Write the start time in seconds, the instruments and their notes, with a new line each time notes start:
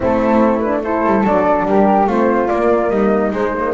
0.00 double bass A3, horn C4, flute E4 A4
0.59 horn D4, flute B4
0.83 horn E4, flute A4 C5
1.06 double bass G3
1.23 double bass F#3, horn D4, flute D5
1.65 double bass G3, flute G4 A#4
2.07 double bass A3, horn C4, flute F4 C5
2.47 double bass A#3, horn A#3, flute D5
2.89 double bass G3, flute D#4 D#5
3.32 double bass G#3, horn G#3, flute C5
3.54 horn A#3